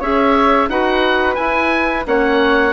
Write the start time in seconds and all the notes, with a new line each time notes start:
0.00 C#4 G#4 C#5 E5
0.69 D#4 F#4 B4 F#5
1.36 E4 G#5
2.05 A#3 C#4 C#5 F#5